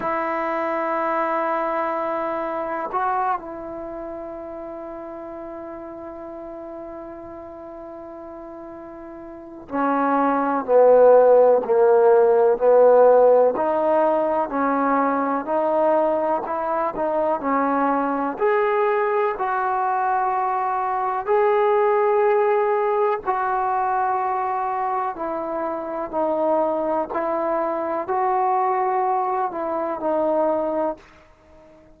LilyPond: \new Staff \with { instrumentName = "trombone" } { \time 4/4 \tempo 4 = 62 e'2. fis'8 e'8~ | e'1~ | e'2 cis'4 b4 | ais4 b4 dis'4 cis'4 |
dis'4 e'8 dis'8 cis'4 gis'4 | fis'2 gis'2 | fis'2 e'4 dis'4 | e'4 fis'4. e'8 dis'4 | }